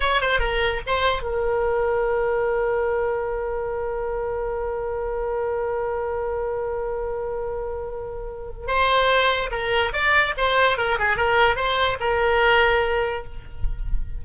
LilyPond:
\new Staff \with { instrumentName = "oboe" } { \time 4/4 \tempo 4 = 145 cis''8 c''8 ais'4 c''4 ais'4~ | ais'1~ | ais'1~ | ais'1~ |
ais'1~ | ais'4 c''2 ais'4 | d''4 c''4 ais'8 gis'8 ais'4 | c''4 ais'2. | }